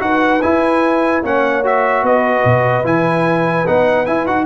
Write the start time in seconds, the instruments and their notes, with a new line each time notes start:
0.00 tuba D#4, trombone F#4, horn B4, trumpet F#5
0.42 trombone E4, tuba E4, trumpet G#5
1.24 tuba A#3, trombone C#4, horn C#5, trumpet F#5
1.64 trombone F#4, trumpet E5
2.03 tuba B3, horn B4, trumpet D#5
2.45 tuba B2
2.84 tuba E3, trombone E4, trumpet G#5
3.67 tuba B3, trombone D#4, trumpet F#5
4.06 trombone E4, tuba E4, trumpet G#5
4.27 tuba D#4, trombone F#4, trumpet F#5